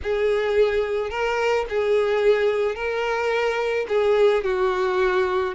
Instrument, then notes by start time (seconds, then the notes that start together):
violin
0.03 G#4
1.10 A#4
1.69 G#4
2.75 A#4
3.88 G#4
4.43 F#4